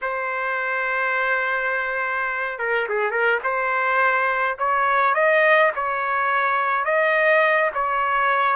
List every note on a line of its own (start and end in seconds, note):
0.01 2.58 C5
2.58 2.87 A#4
2.89 3.10 G#4
3.10 3.39 A#4
3.43 4.57 C5
4.58 5.14 C#5
5.14 5.71 D#5
5.75 6.84 C#5
6.84 7.70 D#5
7.74 8.56 C#5